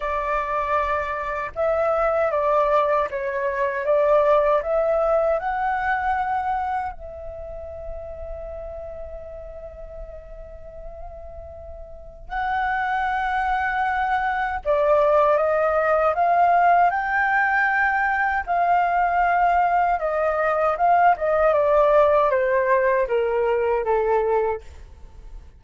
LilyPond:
\new Staff \with { instrumentName = "flute" } { \time 4/4 \tempo 4 = 78 d''2 e''4 d''4 | cis''4 d''4 e''4 fis''4~ | fis''4 e''2.~ | e''1 |
fis''2. d''4 | dis''4 f''4 g''2 | f''2 dis''4 f''8 dis''8 | d''4 c''4 ais'4 a'4 | }